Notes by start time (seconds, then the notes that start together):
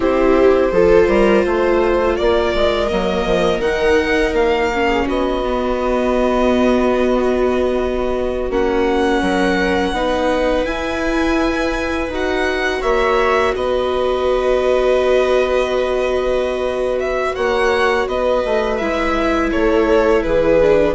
0.00 C4 E4 G4 C5
0.71 F3 F4 A4
1.08 G3 A#4
1.44 A3 C5
2.16 A#3 A#4 D5
2.54 G#3
2.88 F#3 A#3 D#5
3.25 F3
3.59 D#3 D#4 F#5
4.32 A#3 F5
4.73 C#4
4.86 G#4
5.05 B3 F#4 D#5
5.43 B3
8.50 A#3 C#4 F#5
9.21 F#3 A#4
9.91 B3 D#4 B4
10.65 E4 G#5
12.08 D#4 F#4 F#5
12.80 A#3 C#5 E5
13.54 B3 B4 D#5
16.99 E5
17.35 A#3 C#5 F#5
18.06 B3 B4 D#5
18.44 A3
18.77 G#3 E4 E5
19.51 A3 A4 C#5
20.22 E3 G#4 B4
20.61 D4